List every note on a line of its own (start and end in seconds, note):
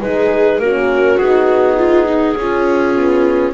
0.00 0.58 G#3
0.00 0.61 D#4
0.00 0.62 G#4
0.00 0.60 B4
0.58 1.17 A#3
0.58 1.20 C#4
0.58 1.77 F#4
0.58 1.18 A#4
1.18 2.35 B3
1.18 2.35 D#4
1.18 3.53 G#4
1.77 2.06 F4
2.06 2.36 D#4
2.35 2.94 C#4
2.35 3.53 C#4
2.35 3.53 F4
2.95 3.53 B3